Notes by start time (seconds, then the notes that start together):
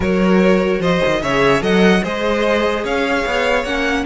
0.00 F#3 F#4 A#4 C#5
0.79 F3 C5 D#5
1.05 D#3
1.22 C#3 G#4 C#5 E5
1.60 F#3 A4 D#5 F#5
2.02 G#3 G#4 C5 D#5
2.84 C#4 C#5 F5
3.26 B3
3.64 A#3 C#4 F#5